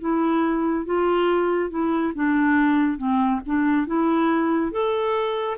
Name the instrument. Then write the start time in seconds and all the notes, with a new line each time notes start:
clarinet
0.00 E4
0.86 F4
1.70 E4
2.15 D4
2.98 C4
3.46 D4
3.87 E4
4.72 A4